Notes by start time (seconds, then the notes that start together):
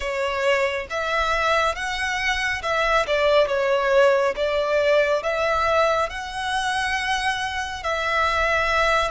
0.00 C#5
0.89 E5
1.75 F#5
2.62 E5
3.06 D5
3.47 C#5
4.36 D5
5.23 E5
6.09 F#5
7.83 E5